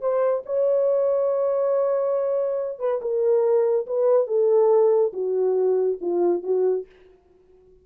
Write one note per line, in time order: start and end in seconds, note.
0.00 0.43 C5
0.45 2.79 C#5
2.79 3.00 B4
3.01 3.86 A#4
3.86 4.26 B4
4.26 5.12 A4
5.13 5.98 F#4
6.01 6.43 F4
6.43 6.85 F#4